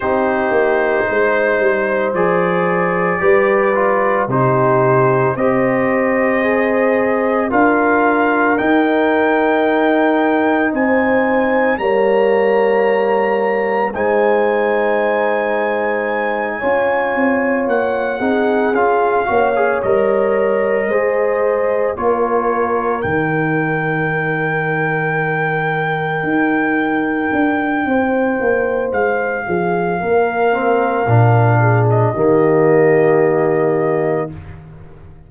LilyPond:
<<
  \new Staff \with { instrumentName = "trumpet" } { \time 4/4 \tempo 4 = 56 c''2 d''2 | c''4 dis''2 f''4 | g''2 gis''4 ais''4~ | ais''4 gis''2.~ |
gis''8 fis''4 f''4 dis''4.~ | dis''8 cis''4 g''2~ g''8~ | g''2. f''4~ | f''4.~ f''16 dis''2~ dis''16 | }
  \new Staff \with { instrumentName = "horn" } { \time 4/4 g'4 c''2 b'4 | g'4 c''2 ais'4~ | ais'2 c''4 cis''4~ | cis''4 c''2~ c''8 cis''8~ |
cis''4 gis'4 cis''4. c''8~ | c''8 ais'2.~ ais'8~ | ais'2 c''4. gis'8 | ais'4. gis'8 g'2 | }
  \new Staff \with { instrumentName = "trombone" } { \time 4/4 dis'2 gis'4 g'8 f'8 | dis'4 g'4 gis'4 f'4 | dis'2. ais4~ | ais4 dis'2~ dis'8 f'8~ |
f'4 dis'8 f'8 fis'16 gis'16 ais'4 gis'8~ | gis'8 f'4 dis'2~ dis'8~ | dis'1~ | dis'8 c'8 d'4 ais2 | }
  \new Staff \with { instrumentName = "tuba" } { \time 4/4 c'8 ais8 gis8 g8 f4 g4 | c4 c'2 d'4 | dis'2 c'4 g4~ | g4 gis2~ gis8 cis'8 |
c'8 ais8 c'8 cis'8 ais8 g4 gis8~ | gis8 ais4 dis2~ dis8~ | dis8 dis'4 d'8 c'8 ais8 gis8 f8 | ais4 ais,4 dis2 | }
>>